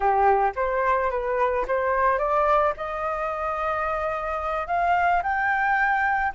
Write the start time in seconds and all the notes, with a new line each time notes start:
0.00 G4
0.55 C5
1.10 B4
1.67 C5
2.18 D5
2.76 D#5
4.67 F5
5.22 G5